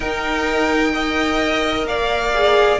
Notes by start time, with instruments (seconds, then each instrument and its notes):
0.00 viola D#4, cello D#4, violin A#4 G5
0.92 viola A#4, violin D#5
1.84 cello A#3, violin D5 F5
2.34 viola G#4